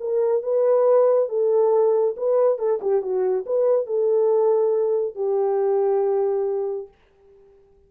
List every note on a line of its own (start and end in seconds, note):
0.00 0.43 A#4
0.43 1.29 B4
1.29 2.15 A4
2.17 2.58 B4
2.58 2.80 A4
2.81 3.02 G4
3.02 3.45 F#4
3.46 3.86 B4
3.86 5.15 A4
5.15 6.88 G4